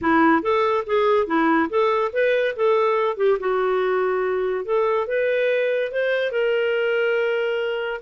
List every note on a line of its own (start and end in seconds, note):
0.01 0.42 E4
0.42 0.84 A4
0.86 1.27 G#4
1.27 1.69 E4
1.69 2.11 A4
2.12 2.55 B4
2.56 3.17 A4
3.17 3.38 G4
3.39 4.65 F#4
4.65 5.07 A4
5.07 5.91 B4
5.91 6.31 C5
6.31 8.00 A#4